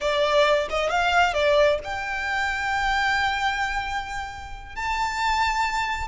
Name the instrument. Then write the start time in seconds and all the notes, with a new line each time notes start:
violin
0.00 D5
0.69 D#5
0.90 F5
1.33 D5
1.84 G5
4.75 A5